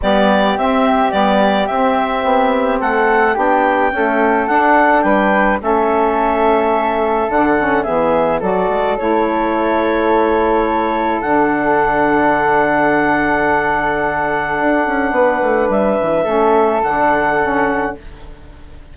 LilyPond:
<<
  \new Staff \with { instrumentName = "clarinet" } { \time 4/4 \tempo 4 = 107 d''4 e''4 d''4 e''4~ | e''4 fis''4 g''2 | fis''4 g''4 e''2~ | e''4 fis''4 e''4 d''4 |
cis''1 | fis''1~ | fis''1 | e''2 fis''2 | }
  \new Staff \with { instrumentName = "flute" } { \time 4/4 g'1~ | g'4 a'4 g'4 a'4~ | a'4 b'4 a'2~ | a'2 gis'4 a'4~ |
a'1~ | a'1~ | a'2. b'4~ | b'4 a'2. | }
  \new Staff \with { instrumentName = "saxophone" } { \time 4/4 b4 c'4 b4 c'4~ | c'2 d'4 a4 | d'2 cis'2~ | cis'4 d'8 cis'8 b4 fis'4 |
e'1 | d'1~ | d'1~ | d'4 cis'4 d'4 cis'4 | }
  \new Staff \with { instrumentName = "bassoon" } { \time 4/4 g4 c'4 g4 c'4 | b4 a4 b4 cis'4 | d'4 g4 a2~ | a4 d4 e4 fis8 gis8 |
a1 | d1~ | d2 d'8 cis'8 b8 a8 | g8 e8 a4 d2 | }
>>